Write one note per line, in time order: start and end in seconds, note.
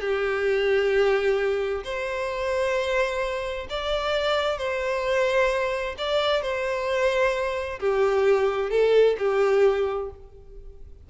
0.00 1.83 G4
1.83 3.67 C5
3.69 4.58 D5
4.58 5.95 C5
5.98 6.41 D5
6.41 7.79 C5
7.79 8.70 G4
8.70 9.16 A4
9.18 10.10 G4